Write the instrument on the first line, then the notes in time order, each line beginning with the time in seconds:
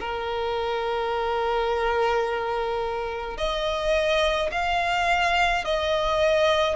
violin
0.00 A#4
3.38 D#5
4.52 F5
5.65 D#5